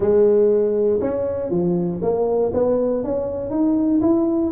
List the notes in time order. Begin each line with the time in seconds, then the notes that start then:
0.00 G#3
1.00 C#4
1.50 F3
2.02 A#3
2.53 B3
3.04 C#4
3.50 D#4
4.01 E4